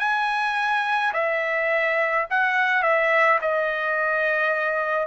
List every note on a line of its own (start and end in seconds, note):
0.00 1.13 G#5
1.14 2.27 E5
2.31 2.83 F#5
2.83 3.40 E5
3.42 5.07 D#5